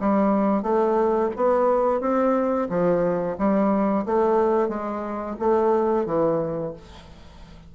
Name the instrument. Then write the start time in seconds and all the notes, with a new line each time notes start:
bassoon
0.00 G3
0.62 A3
1.36 B3
2.00 C4
2.69 F3
3.38 G3
4.05 A3
4.68 G#3
5.39 A3
6.06 E3